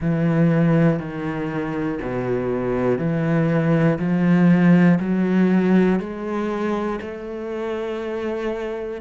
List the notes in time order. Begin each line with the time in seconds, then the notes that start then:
0.00 E3
0.99 D#3
2.01 B2
2.98 E3
3.99 F3
5.00 F#3
5.99 G#3
7.01 A3